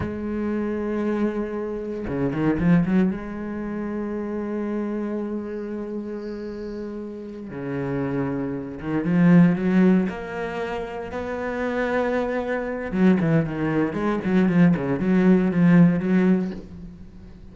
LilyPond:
\new Staff \with { instrumentName = "cello" } { \time 4/4 \tempo 4 = 116 gis1 | cis8 dis8 f8 fis8 gis2~ | gis1~ | gis2~ gis8 cis4.~ |
cis4 dis8 f4 fis4 ais8~ | ais4. b2~ b8~ | b4 fis8 e8 dis4 gis8 fis8 | f8 cis8 fis4 f4 fis4 | }